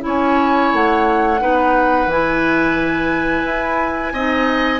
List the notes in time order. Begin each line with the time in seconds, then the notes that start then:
0.00 C#4 E4 C#5
0.07 G#5
0.73 A3 F#5
1.40 B3 D#4 B4
2.06 E3 E4 G#5
3.45 E4
4.13 C4 D#4 D#5